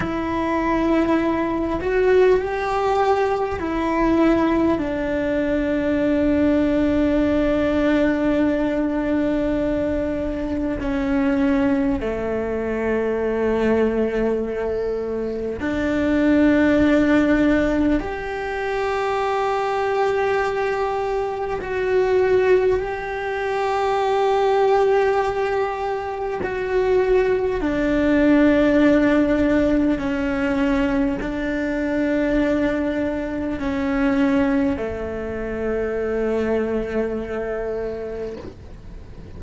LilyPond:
\new Staff \with { instrumentName = "cello" } { \time 4/4 \tempo 4 = 50 e'4. fis'8 g'4 e'4 | d'1~ | d'4 cis'4 a2~ | a4 d'2 g'4~ |
g'2 fis'4 g'4~ | g'2 fis'4 d'4~ | d'4 cis'4 d'2 | cis'4 a2. | }